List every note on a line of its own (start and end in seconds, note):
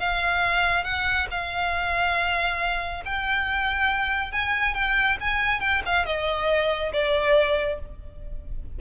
0.00 0.84 F5
0.84 1.28 F#5
1.31 3.04 F5
3.06 4.33 G5
4.33 4.75 G#5
4.75 5.18 G5
5.21 5.61 G#5
5.61 5.82 G5
5.86 6.06 F5
6.06 6.92 D#5
6.93 7.80 D5